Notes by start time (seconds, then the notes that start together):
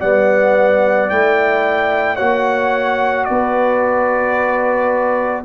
0.00 G3 B3 D5 F#5
1.10 A3 E4 G5
2.16 A#3 F#4 C#5 F#5
3.25 B3 B4 D5